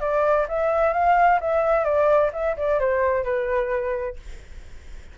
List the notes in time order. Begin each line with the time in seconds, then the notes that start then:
0.00 D5
0.48 E5
0.93 F5
1.40 E5
1.84 D5
2.33 E5
2.57 D5
2.79 C5
3.24 B4